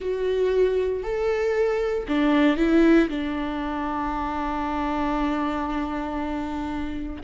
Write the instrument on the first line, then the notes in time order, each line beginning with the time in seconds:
viola
0.00 F#4
1.03 A4
2.08 D4
2.57 E4
3.09 D4